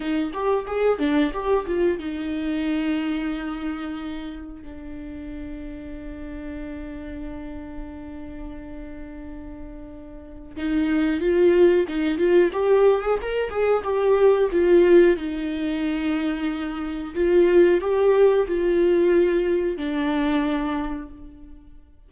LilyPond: \new Staff \with { instrumentName = "viola" } { \time 4/4 \tempo 4 = 91 dis'8 g'8 gis'8 d'8 g'8 f'8 dis'4~ | dis'2. d'4~ | d'1~ | d'1 |
dis'4 f'4 dis'8 f'8 g'8. gis'16 | ais'8 gis'8 g'4 f'4 dis'4~ | dis'2 f'4 g'4 | f'2 d'2 | }